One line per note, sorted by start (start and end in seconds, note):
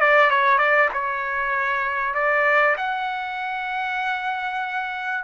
0.00 0.30 D5
0.30 0.58 C#5
0.58 0.89 D5
0.93 2.14 C#5
2.14 2.76 D5
2.77 5.24 F#5